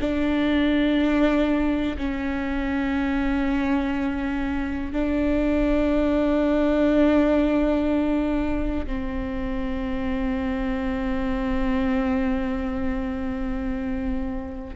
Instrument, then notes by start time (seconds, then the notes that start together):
viola
0.00 D4
1.98 C#4
4.92 D4
8.87 C4